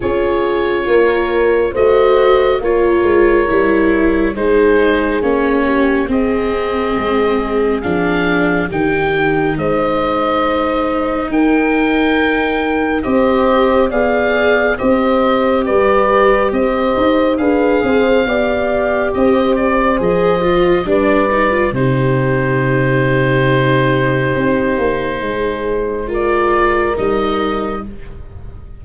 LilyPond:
<<
  \new Staff \with { instrumentName = "oboe" } { \time 4/4 \tempo 4 = 69 cis''2 dis''4 cis''4~ | cis''4 c''4 cis''4 dis''4~ | dis''4 f''4 g''4 dis''4~ | dis''4 g''2 dis''4 |
f''4 dis''4 d''4 dis''4 | f''2 dis''8 d''8 dis''4 | d''4 c''2.~ | c''2 d''4 dis''4 | }
  \new Staff \with { instrumentName = "horn" } { \time 4/4 gis'4 ais'4 c''4 ais'4~ | ais'4 gis'4. g'8 gis'4~ | gis'2 g'4 c''4~ | c''4 ais'2 c''4 |
d''4 c''4 b'4 c''4 | b'8 c''8 d''4 c''2 | b'4 g'2.~ | g'4 gis'4 ais'2 | }
  \new Staff \with { instrumentName = "viola" } { \time 4/4 f'2 fis'4 f'4 | e'4 dis'4 cis'4 c'4~ | c'4 d'4 dis'2~ | dis'2. g'4 |
gis'4 g'2. | gis'4 g'2 gis'8 f'8 | d'8 dis'16 f'16 dis'2.~ | dis'2 f'4 dis'4 | }
  \new Staff \with { instrumentName = "tuba" } { \time 4/4 cis'4 ais4 a4 ais8 gis8 | g4 gis4 ais4 c'4 | gis4 f4 dis4 gis4~ | gis4 dis'2 c'4 |
b4 c'4 g4 c'8 dis'8 | d'8 c'8 b4 c'4 f4 | g4 c2. | c'8 ais8 gis2 g4 | }
>>